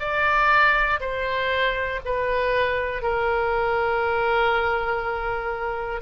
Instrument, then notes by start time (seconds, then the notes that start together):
oboe
0.00 D5
1.00 C5
2.05 B4
3.02 A#4